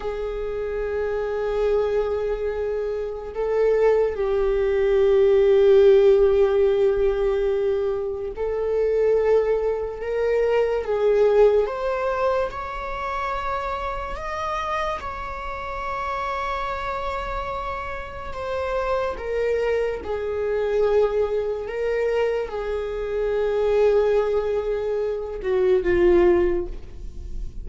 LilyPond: \new Staff \with { instrumentName = "viola" } { \time 4/4 \tempo 4 = 72 gis'1 | a'4 g'2.~ | g'2 a'2 | ais'4 gis'4 c''4 cis''4~ |
cis''4 dis''4 cis''2~ | cis''2 c''4 ais'4 | gis'2 ais'4 gis'4~ | gis'2~ gis'8 fis'8 f'4 | }